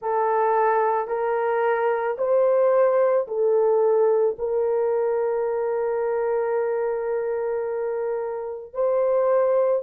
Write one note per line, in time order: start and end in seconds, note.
0.01 1.07 A4
1.07 2.16 A#4
2.18 3.27 C5
3.27 4.36 A4
4.38 8.73 A#4
8.73 9.82 C5